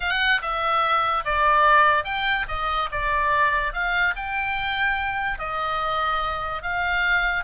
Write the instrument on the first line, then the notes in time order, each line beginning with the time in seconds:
oboe
0.00 F#5
0.41 E5
1.24 D5
2.04 G5
2.48 D#5
2.91 D5
3.73 F5
4.15 G5
5.38 D#5
6.62 F5